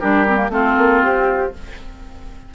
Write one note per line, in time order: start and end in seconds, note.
0.00 0.49 G3
0.00 0.26 D4
0.00 0.51 G4
0.00 0.51 A#4
0.28 0.36 C4
0.36 0.49 A#3
0.49 0.75 A3
0.49 1.53 C4
0.49 1.54 F4
0.49 1.02 A4
0.78 1.03 A#3
1.02 1.54 C4
1.02 1.53 G4